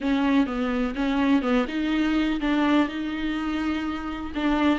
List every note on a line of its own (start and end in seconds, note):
0.00 0.46 C#4
0.46 0.94 B3
0.95 1.41 C#4
1.41 1.65 B3
1.68 2.40 D#4
2.40 2.88 D4
2.88 4.32 D#4
4.34 4.79 D4